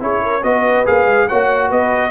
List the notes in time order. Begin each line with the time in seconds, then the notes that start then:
0.00 C#4 E4 G#4 C#5
0.22 A#4
0.43 B3 F#4 B4 D#5
0.86 A#3 G#4 F5
1.06 G#3
1.28 A#3 F#4 C#5 F#5
1.69 B3 B4 D#5